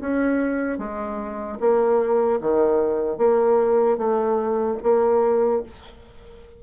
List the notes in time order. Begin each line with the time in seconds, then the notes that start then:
0.00 C#4
0.78 G#3
1.60 A#3
2.40 D#3
3.17 A#3
3.97 A3
4.82 A#3